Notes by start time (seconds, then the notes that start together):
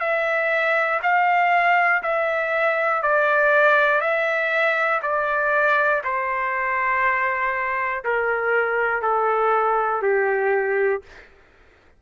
0.00 E5
1.02 F5
2.02 E5
3.02 D5
4.01 E5
5.02 D5
6.04 C5
8.05 A#4
9.02 A4
10.02 G4